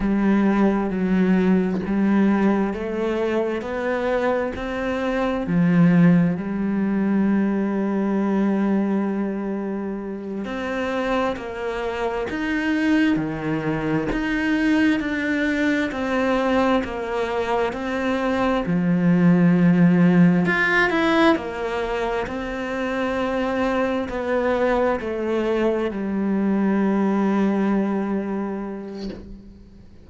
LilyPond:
\new Staff \with { instrumentName = "cello" } { \time 4/4 \tempo 4 = 66 g4 fis4 g4 a4 | b4 c'4 f4 g4~ | g2.~ g8 c'8~ | c'8 ais4 dis'4 dis4 dis'8~ |
dis'8 d'4 c'4 ais4 c'8~ | c'8 f2 f'8 e'8 ais8~ | ais8 c'2 b4 a8~ | a8 g2.~ g8 | }